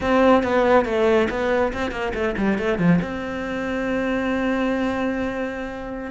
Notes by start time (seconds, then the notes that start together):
0.00 C4
0.43 B3
0.85 A3
1.30 B3
1.73 C4
1.91 A#3
2.14 A3
2.37 G3
2.58 A3
2.78 F3
3.01 C4